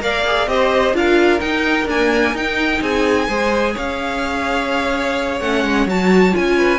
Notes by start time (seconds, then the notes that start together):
0.00 A#3 A#4 D5 F5
0.27 G#4
0.48 C4 G4 C5 D#5
0.94 D4 F4 A#4 F5
1.40 D#4 G5
1.86 A#3 D4 G#5
2.34 D#4 G5
2.81 C4 G#4 G#5
3.28 G#3 G#4 C5
3.74 C#4 C#5 F5
5.41 A3 C#4 F#5
5.65 G#3
5.87 F#3 F#4 A5
6.32 C#4 F4 G#5
6.58 B4